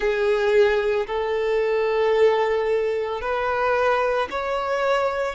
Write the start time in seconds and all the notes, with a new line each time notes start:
0.00 G#4
1.07 A4
3.21 B4
4.30 C#5